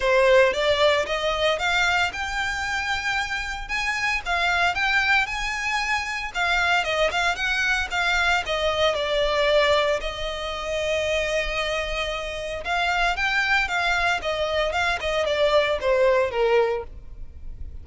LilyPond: \new Staff \with { instrumentName = "violin" } { \time 4/4 \tempo 4 = 114 c''4 d''4 dis''4 f''4 | g''2. gis''4 | f''4 g''4 gis''2 | f''4 dis''8 f''8 fis''4 f''4 |
dis''4 d''2 dis''4~ | dis''1 | f''4 g''4 f''4 dis''4 | f''8 dis''8 d''4 c''4 ais'4 | }